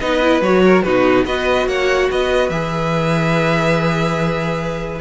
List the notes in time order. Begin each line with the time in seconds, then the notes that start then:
0.00 B3 D#4 B4 D#5
0.22 E4
0.41 F#3 F#4 C#5
0.65 A#4
0.83 B2 D#4 F#4 B4
1.25 B3 F#4 B4 D#5
1.67 A#3 C#5 F#5
2.11 B3 B4 D#5
2.49 E3 G#4 E5